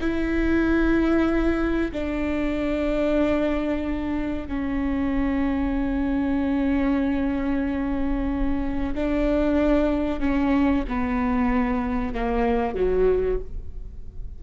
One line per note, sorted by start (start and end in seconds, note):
0.00 1.91 E4
1.92 4.47 D4
4.47 8.94 C#4
8.94 10.20 D4
10.20 10.84 C#4
10.88 12.14 B3
12.14 12.75 A#3
12.75 13.39 F#3